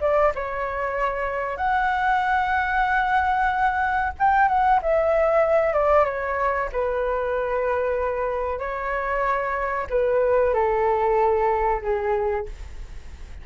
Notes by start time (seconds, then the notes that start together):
0.00 D5
0.35 C#5
1.57 F#5
4.18 G5
4.48 F#5
4.82 E5
5.73 D5
6.05 C#5
6.72 B4
8.59 C#5
9.90 B4
10.53 A4
11.82 G#4